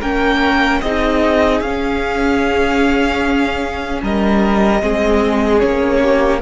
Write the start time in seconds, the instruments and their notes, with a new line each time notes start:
0.00 cello A#3, viola C#4, violin A#4 G5
0.81 cello C4, viola D#4, violin G#4 D#5
1.61 cello C#4, viola C#4, violin F5
4.02 cello G3, violin A#4 D#5
4.80 cello G#3, viola C4, violin G#4
5.59 cello A#3, viola C#4, violin C#5
6.03 violin G4